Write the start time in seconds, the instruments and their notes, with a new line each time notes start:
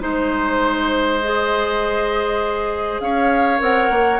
0.00 bassoon G#3, clarinet D#4, flute C5, oboe C5
1.21 clarinet G#4, flute D#5
3.00 bassoon C#4, oboe C#5, flute F5
3.59 bassoon C4, clarinet A#4, flute F#5
3.90 bassoon A#3